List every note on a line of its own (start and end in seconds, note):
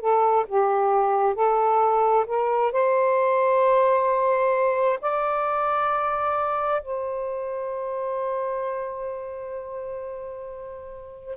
0.00 0.45 A4
0.48 1.34 G4
1.34 2.25 A4
2.26 2.71 A#4
2.71 4.99 C5
5.01 6.82 D5
6.82 11.36 C5